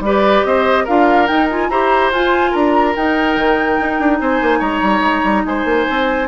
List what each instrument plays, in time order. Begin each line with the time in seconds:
0.00 bassoon G3, clarinet G4, oboe B4, flute D5
0.45 bassoon C4, oboe C5, flute D#5
0.84 bassoon D4, clarinet F4, oboe A#4, flute F5
1.27 clarinet D#4, bassoon D#4, flute G5
1.50 clarinet F4, flute G#5
1.70 bassoon E4, clarinet G4, oboe C5, flute A#5
2.12 bassoon F4, clarinet F4, flute G#5
2.51 bassoon D4, oboe A#4, flute A#5
2.95 clarinet D#4, bassoon D#4, flute G5
3.36 bassoon D#3
3.81 bassoon D#4
3.99 bassoon D4
4.20 bassoon C4, oboe C5, flute G#5
4.42 bassoon A#3
4.59 bassoon G#3, oboe C#5, flute A#5
4.82 bassoon G3
5.01 bassoon G#3
5.24 bassoon G3
5.45 bassoon G#3, oboe C5, flute G#5
5.65 bassoon A#3
5.90 bassoon C4